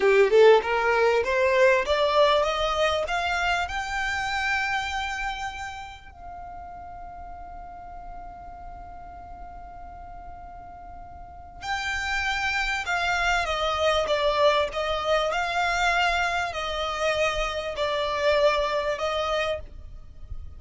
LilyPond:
\new Staff \with { instrumentName = "violin" } { \time 4/4 \tempo 4 = 98 g'8 a'8 ais'4 c''4 d''4 | dis''4 f''4 g''2~ | g''2 f''2~ | f''1~ |
f''2. g''4~ | g''4 f''4 dis''4 d''4 | dis''4 f''2 dis''4~ | dis''4 d''2 dis''4 | }